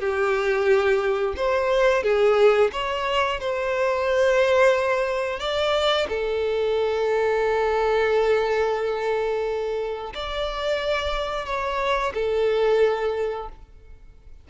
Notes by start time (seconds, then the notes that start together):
0.00 G4
1.37 C5
2.04 G#4
2.73 C#5
3.40 C5
5.40 D5
6.09 A4
10.15 D5
11.46 C#5
12.14 A4